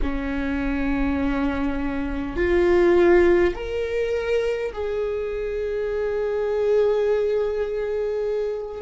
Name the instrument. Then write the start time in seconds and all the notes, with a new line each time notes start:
viola
0.02 C#4
2.36 F4
3.55 A#4
4.72 G#4